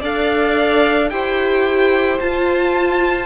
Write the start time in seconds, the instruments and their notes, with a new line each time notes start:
0.00 cello D4, viola A4, violin D5 F5
1.10 cello E4, viola G4, violin C5 G5
2.20 cello F4, viola F4, violin A5